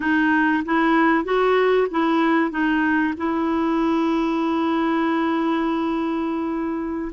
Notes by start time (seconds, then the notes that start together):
0.00 D#4
0.65 E4
1.24 F#4
1.91 E4
2.50 D#4
3.17 E4